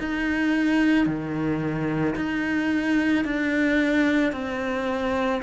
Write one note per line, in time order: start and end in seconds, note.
0.00 1.07 D#4
1.07 2.16 D#3
2.16 3.25 D#4
3.25 4.32 D4
4.32 5.41 C4